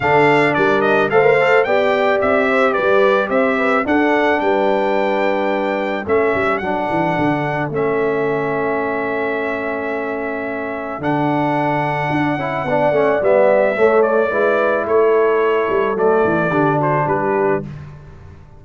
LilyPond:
<<
  \new Staff \with { instrumentName = "trumpet" } { \time 4/4 \tempo 4 = 109 f''4 d''8 dis''8 f''4 g''4 | e''4 d''4 e''4 fis''4 | g''2. e''4 | fis''2 e''2~ |
e''1 | fis''1 | e''4. d''4. cis''4~ | cis''4 d''4. c''8 b'4 | }
  \new Staff \with { instrumentName = "horn" } { \time 4/4 a'4 ais'4 c''4 d''4~ | d''8 c''8 b'4 c''8 b'8 a'4 | b'2. a'4~ | a'1~ |
a'1~ | a'2. d''4~ | d''4 cis''4 b'4 a'4~ | a'2 g'8 fis'8 g'4 | }
  \new Staff \with { instrumentName = "trombone" } { \time 4/4 d'2 a'16 ais'16 a'8 g'4~ | g'2. d'4~ | d'2. cis'4 | d'2 cis'2~ |
cis'1 | d'2~ d'8 e'8 d'8 cis'8 | b4 a4 e'2~ | e'4 a4 d'2 | }
  \new Staff \with { instrumentName = "tuba" } { \time 4/4 d4 g4 a4 b4 | c'4 g4 c'4 d'4 | g2. a8 g8 | fis8 e8 d4 a2~ |
a1 | d2 d'8 cis'8 b8 a8 | g4 a4 gis4 a4~ | a8 g8 fis8 e8 d4 g4 | }
>>